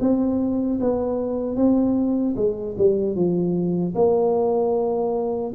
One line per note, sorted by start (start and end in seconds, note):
0.00 0.79 C4
0.80 1.56 B3
1.56 2.35 C4
2.36 2.76 G#3
2.78 3.15 G3
3.15 3.94 F3
3.95 5.53 A#3